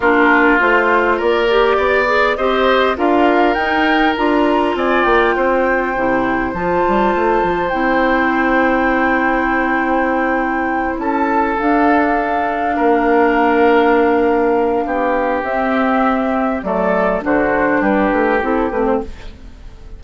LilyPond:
<<
  \new Staff \with { instrumentName = "flute" } { \time 4/4 \tempo 4 = 101 ais'4 c''4 d''2 | dis''4 f''4 g''4 ais''4 | gis''8 g''2~ g''8 a''4~ | a''4 g''2.~ |
g''2~ g''8 a''4 f''8~ | f''1~ | f''2 e''2 | d''4 c''4 b'4 a'8 b'16 c''16 | }
  \new Staff \with { instrumentName = "oboe" } { \time 4/4 f'2 ais'4 d''4 | c''4 ais'2. | d''4 c''2.~ | c''1~ |
c''2~ c''8 a'4.~ | a'4. ais'2~ ais'8~ | ais'4 g'2. | a'4 fis'4 g'2 | }
  \new Staff \with { instrumentName = "clarinet" } { \time 4/4 d'4 f'4. g'4 gis'8 | g'4 f'4 dis'4 f'4~ | f'2 e'4 f'4~ | f'4 e'2.~ |
e'2.~ e'8 d'8~ | d'1~ | d'2 c'2 | a4 d'2 e'8 c'8 | }
  \new Staff \with { instrumentName = "bassoon" } { \time 4/4 ais4 a4 ais4 b4 | c'4 d'4 dis'4 d'4 | c'8 ais8 c'4 c4 f8 g8 | a8 f8 c'2.~ |
c'2~ c'8 cis'4 d'8~ | d'4. ais2~ ais8~ | ais4 b4 c'2 | fis4 d4 g8 a8 c'8 a8 | }
>>